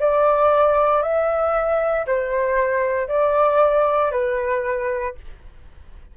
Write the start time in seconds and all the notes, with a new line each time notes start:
0.00 D5
1.02 E5
2.07 C5
3.08 D5
4.11 B4